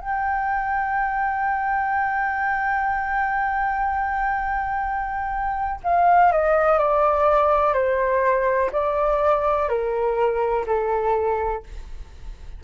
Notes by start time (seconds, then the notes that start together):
0.00 G5
5.84 F5
6.32 D#5
6.79 D5
7.74 C5
8.72 D5
9.69 A#4
10.67 A4